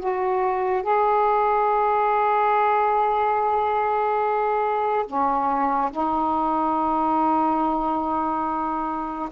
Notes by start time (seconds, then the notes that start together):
0.00 F#4
0.83 G#4
5.07 C#4
5.92 D#4